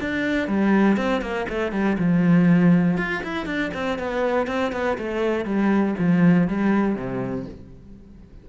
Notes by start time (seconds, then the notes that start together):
0.00 D4
0.47 G3
0.97 C4
1.21 A#3
1.49 A3
1.72 G3
1.98 F3
2.97 F4
3.23 E4
3.45 D4
3.73 C4
3.98 B3
4.47 C4
4.72 B3
4.97 A3
5.45 G3
5.98 F3
6.47 G3
6.95 C3